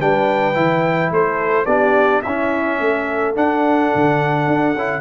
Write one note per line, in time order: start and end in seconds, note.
0.00 0.56 G3
0.00 0.54 D4
0.00 1.12 B4
0.00 1.13 G5
0.54 1.11 E3
0.54 1.66 E4
1.11 1.66 A3
1.11 1.66 A4
1.11 1.66 C5
1.66 2.23 B3
1.66 2.24 D4
1.66 2.22 G4
1.66 2.22 D5
2.22 2.80 C#4
2.22 3.35 C#4
2.22 2.80 E4
2.22 3.34 E5
2.80 3.36 A3
2.80 5.01 A4
3.35 4.75 D4
3.35 3.92 D4
3.35 5.01 F#5
3.95 4.47 D3
4.47 4.75 D4
4.75 5.01 C#4
4.75 5.01 E4